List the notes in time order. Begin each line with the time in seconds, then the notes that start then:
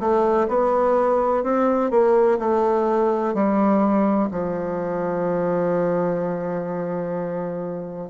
0.00 A3
0.48 B3
1.44 C4
1.91 A#3
2.39 A3
3.34 G3
4.31 F3